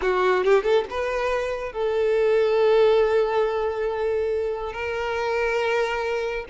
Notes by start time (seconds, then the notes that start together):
0.01 F#4
0.44 G4
0.63 A4
0.89 B4
1.72 A4
4.72 A#4